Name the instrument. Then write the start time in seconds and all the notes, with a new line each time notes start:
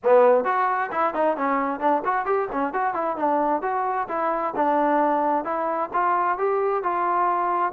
trombone
0.03 B3
0.44 F#4
0.91 E4
1.14 D#4
1.36 C#4
1.80 D4
2.05 F#4
2.25 G4
2.51 C#4
2.73 F#4
2.94 E4
3.16 D4
3.62 F#4
4.08 E4
4.56 D4
5.44 E4
5.93 F4
6.38 G4
6.83 F4